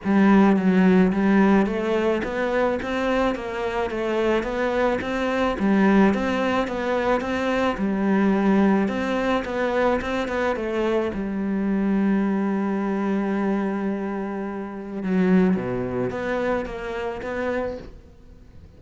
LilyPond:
\new Staff \with { instrumentName = "cello" } { \time 4/4 \tempo 4 = 108 g4 fis4 g4 a4 | b4 c'4 ais4 a4 | b4 c'4 g4 c'4 | b4 c'4 g2 |
c'4 b4 c'8 b8 a4 | g1~ | g2. fis4 | b,4 b4 ais4 b4 | }